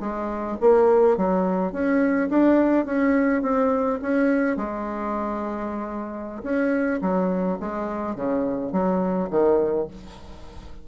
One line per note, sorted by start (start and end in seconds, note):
0.00 0.57 G#3
0.60 1.17 A#3
1.17 1.72 F#3
1.72 2.29 C#4
2.29 2.85 D4
2.85 3.42 C#4
3.42 3.99 C4
4.02 4.56 C#4
4.56 6.42 G#3
6.43 7.00 C#4
7.01 7.58 F#3
7.59 8.15 G#3
8.15 8.72 C#3
8.72 9.29 F#3
9.30 9.87 D#3